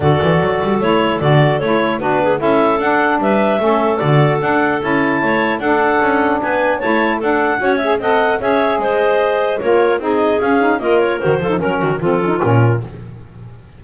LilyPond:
<<
  \new Staff \with { instrumentName = "clarinet" } { \time 4/4 \tempo 4 = 150 d''2 cis''4 d''4 | cis''4 b'4 e''4 fis''4 | e''2 d''4 fis''4 | a''2 fis''2 |
gis''4 a''4 fis''4. e''8 | fis''4 e''4 dis''2 | cis''4 dis''4 f''4 dis''8 cis''8 | c''4 ais'4 a'4 ais'4 | }
  \new Staff \with { instrumentName = "clarinet" } { \time 4/4 a'1~ | a'4 fis'8 gis'8 a'2 | b'4 a'2.~ | a'4 cis''4 a'2 |
b'4 cis''4 a'4 cis''4 | dis''4 cis''4 c''2 | ais'4 gis'2 ais'4~ | ais'8 a'8 ais'8 fis'8 f'2 | }
  \new Staff \with { instrumentName = "saxophone" } { \time 4/4 fis'2 e'4 fis'4 | e'4 d'4 e'4 d'4~ | d'4 cis'4 fis'4 d'4 | e'2 d'2~ |
d'4 e'4 d'4 fis'8 gis'8 | a'4 gis'2. | f'4 dis'4 cis'8 dis'8 f'4 | fis'8 f'16 dis'16 cis'4 c'8 cis'16 dis'16 cis'4 | }
  \new Staff \with { instrumentName = "double bass" } { \time 4/4 d8 e8 fis8 g8 a4 d4 | a4 b4 cis'4 d'4 | g4 a4 d4 d'4 | cis'4 a4 d'4 cis'4 |
b4 a4 d'4 cis'4 | c'4 cis'4 gis2 | ais4 c'4 cis'4 ais4 | dis8 f8 fis8 dis8 f4 ais,4 | }
>>